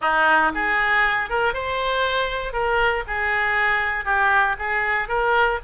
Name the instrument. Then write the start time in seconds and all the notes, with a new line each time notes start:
oboe
0.01 D#4
0.54 G#4
1.29 A#4
1.53 C5
2.52 A#4
3.07 G#4
4.04 G4
4.58 G#4
5.08 A#4